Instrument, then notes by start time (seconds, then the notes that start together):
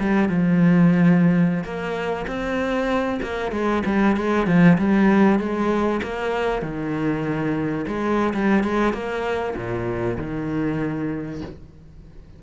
cello
0.00 G3
0.29 F3
1.64 A#3
2.28 C4
3.23 A#3
3.52 G#3
3.86 G3
4.17 G#3
4.47 F3
4.78 G3
5.39 G#3
6.03 A#3
6.62 D#3
7.87 G#3
8.34 G3
8.64 G#3
8.93 A#3
9.56 A#2
10.18 D#3